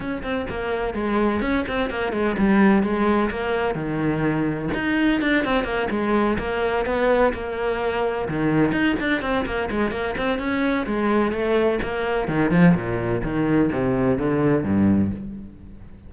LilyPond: \new Staff \with { instrumentName = "cello" } { \time 4/4 \tempo 4 = 127 cis'8 c'8 ais4 gis4 cis'8 c'8 | ais8 gis8 g4 gis4 ais4 | dis2 dis'4 d'8 c'8 | ais8 gis4 ais4 b4 ais8~ |
ais4. dis4 dis'8 d'8 c'8 | ais8 gis8 ais8 c'8 cis'4 gis4 | a4 ais4 dis8 f8 ais,4 | dis4 c4 d4 g,4 | }